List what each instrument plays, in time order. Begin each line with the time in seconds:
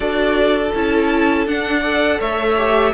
0.00 cello D4, viola F#4, violin A4 D5
0.74 cello C#4, viola E4, violin A5
1.46 cello D4, viola D4, violin F#5
1.80 viola A4, violin D5
2.20 cello A3, violin C#5 E5
2.57 viola G4